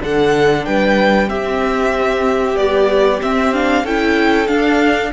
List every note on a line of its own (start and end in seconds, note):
0.00 0.67 D3
0.00 1.27 D4
0.00 0.67 A4
0.00 0.66 F#5
0.66 1.31 G3
0.66 1.29 B4
0.66 1.30 G5
1.27 2.55 C4
1.27 2.57 C4
1.27 3.84 G4
1.27 2.57 E5
2.57 3.21 G3
2.57 3.21 B3
2.57 3.20 D5
3.23 3.54 C4
3.23 3.84 C4
3.23 3.54 E5
3.54 3.86 D4
3.54 3.86 F5
3.84 4.48 C#4
3.84 4.48 E4
3.84 5.12 A4
3.84 4.48 G5
4.48 5.11 D4
4.48 5.13 D4
4.48 5.12 F5